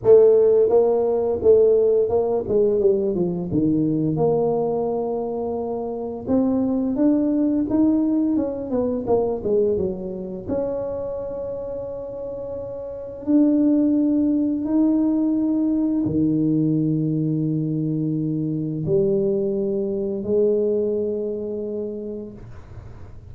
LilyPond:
\new Staff \with { instrumentName = "tuba" } { \time 4/4 \tempo 4 = 86 a4 ais4 a4 ais8 gis8 | g8 f8 dis4 ais2~ | ais4 c'4 d'4 dis'4 | cis'8 b8 ais8 gis8 fis4 cis'4~ |
cis'2. d'4~ | d'4 dis'2 dis4~ | dis2. g4~ | g4 gis2. | }